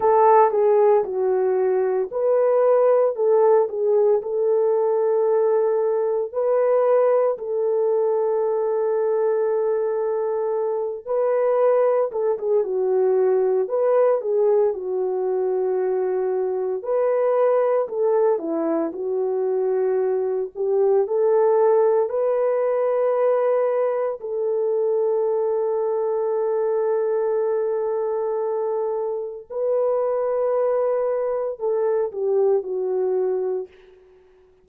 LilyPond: \new Staff \with { instrumentName = "horn" } { \time 4/4 \tempo 4 = 57 a'8 gis'8 fis'4 b'4 a'8 gis'8 | a'2 b'4 a'4~ | a'2~ a'8 b'4 a'16 gis'16 | fis'4 b'8 gis'8 fis'2 |
b'4 a'8 e'8 fis'4. g'8 | a'4 b'2 a'4~ | a'1 | b'2 a'8 g'8 fis'4 | }